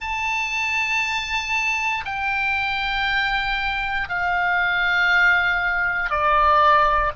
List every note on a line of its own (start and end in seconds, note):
0.00 2.03 A5
2.05 4.08 G5
4.09 6.10 F5
6.10 7.11 D5